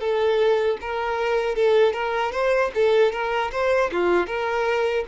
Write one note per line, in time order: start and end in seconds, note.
0.00 0.78 A4
0.81 1.55 A#4
1.55 1.93 A4
1.93 2.32 A#4
2.32 2.71 C5
2.74 3.12 A4
3.12 3.51 A#4
3.52 3.91 C5
3.92 4.27 F4
4.27 5.05 A#4